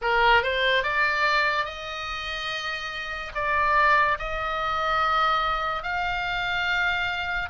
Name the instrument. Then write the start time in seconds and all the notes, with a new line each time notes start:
oboe
0.01 A#4
0.42 C5
0.83 D5
1.65 D#5
3.34 D5
4.18 D#5
5.82 F5